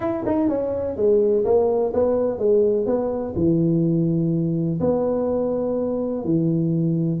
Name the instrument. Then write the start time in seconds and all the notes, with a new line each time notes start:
tuba
0.00 E4
0.25 D#4
0.48 C#4
0.96 G#3
1.44 A#3
1.93 B3
2.38 G#3
2.86 B3
3.35 E3
4.80 B3
6.24 E3